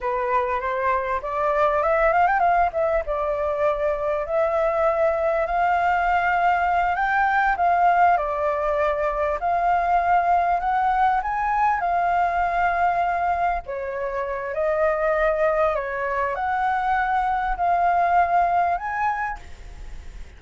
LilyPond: \new Staff \with { instrumentName = "flute" } { \time 4/4 \tempo 4 = 99 b'4 c''4 d''4 e''8 f''16 g''16 | f''8 e''8 d''2 e''4~ | e''4 f''2~ f''8 g''8~ | g''8 f''4 d''2 f''8~ |
f''4. fis''4 gis''4 f''8~ | f''2~ f''8 cis''4. | dis''2 cis''4 fis''4~ | fis''4 f''2 gis''4 | }